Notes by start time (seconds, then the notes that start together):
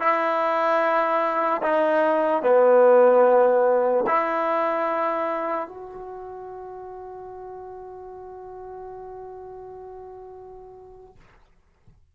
0.00 E4
1.63 D#4
2.43 B3
4.07 E4
5.68 F#4